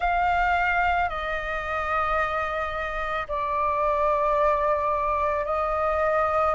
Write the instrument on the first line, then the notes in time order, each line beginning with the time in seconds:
flute
0.00 F5
1.09 D#5
3.28 D5
5.45 D#5